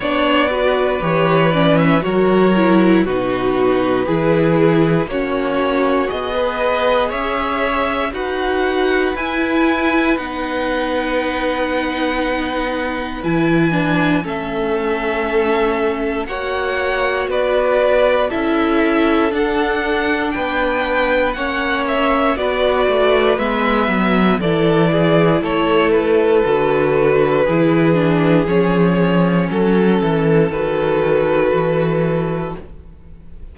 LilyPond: <<
  \new Staff \with { instrumentName = "violin" } { \time 4/4 \tempo 4 = 59 d''4 cis''8 d''16 e''16 cis''4 b'4~ | b'4 cis''4 dis''4 e''4 | fis''4 gis''4 fis''2~ | fis''4 gis''4 e''2 |
fis''4 d''4 e''4 fis''4 | g''4 fis''8 e''8 d''4 e''4 | d''4 cis''8 b'2~ b'8 | cis''4 a'4 b'2 | }
  \new Staff \with { instrumentName = "violin" } { \time 4/4 cis''8 b'4. ais'4 fis'4 | gis'4 fis'4~ fis'16 b'8. cis''4 | b'1~ | b'2 a'2 |
cis''4 b'4 a'2 | b'4 cis''4 b'2 | a'8 gis'8 a'2 gis'4~ | gis'4 a'2. | }
  \new Staff \with { instrumentName = "viola" } { \time 4/4 d'8 fis'8 g'8 cis'8 fis'8 e'8 dis'4 | e'4 cis'4 gis'2 | fis'4 e'4 dis'2~ | dis'4 e'8 d'8 cis'2 |
fis'2 e'4 d'4~ | d'4 cis'4 fis'4 b4 | e'2 fis'4 e'8 d'8 | cis'2 fis'2 | }
  \new Staff \with { instrumentName = "cello" } { \time 4/4 b4 e4 fis4 b,4 | e4 ais4 b4 cis'4 | dis'4 e'4 b2~ | b4 e4 a2 |
ais4 b4 cis'4 d'4 | b4 ais4 b8 a8 gis8 fis8 | e4 a4 d4 e4 | f4 fis8 e8 dis4 e4 | }
>>